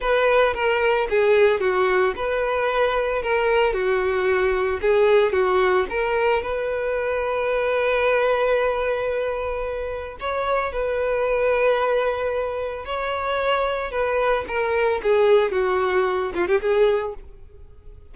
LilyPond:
\new Staff \with { instrumentName = "violin" } { \time 4/4 \tempo 4 = 112 b'4 ais'4 gis'4 fis'4 | b'2 ais'4 fis'4~ | fis'4 gis'4 fis'4 ais'4 | b'1~ |
b'2. cis''4 | b'1 | cis''2 b'4 ais'4 | gis'4 fis'4. f'16 g'16 gis'4 | }